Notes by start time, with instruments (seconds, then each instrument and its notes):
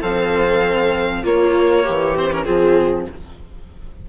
0.00 bassoon F3, cello C4, viola A4, violin F5
1.22 cello A#3, bassoon A#3, viola F4, violin C#5
1.84 bassoon E3, viola G4
2.15 cello C4, violin C5
2.32 cello C#4, violin A#4
2.44 bassoon F3, cello C4, viola F4, violin G#4